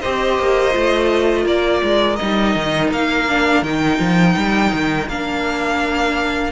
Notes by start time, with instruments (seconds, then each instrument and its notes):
0.00 cello C4, viola G4, violin C5 D#5
0.38 cello A#3
0.71 cello A3, viola F4
1.42 cello A#3, violin A#4 D5
1.83 cello G#3
2.16 cello G3, viola D#4, violin D#5
2.55 cello D#3
2.91 cello A#3, violin F5
3.28 viola D4
3.62 cello D#3, viola D#4, violin G5
3.99 cello F3
4.36 cello G3
4.73 cello D#3
5.08 cello A#3, viola D4, violin F5